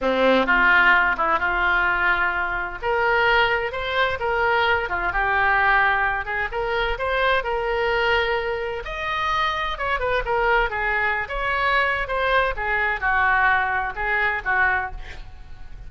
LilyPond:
\new Staff \with { instrumentName = "oboe" } { \time 4/4 \tempo 4 = 129 c'4 f'4. e'8 f'4~ | f'2 ais'2 | c''4 ais'4. f'8 g'4~ | g'4. gis'8 ais'4 c''4 |
ais'2. dis''4~ | dis''4 cis''8 b'8 ais'4 gis'4~ | gis'16 cis''4.~ cis''16 c''4 gis'4 | fis'2 gis'4 fis'4 | }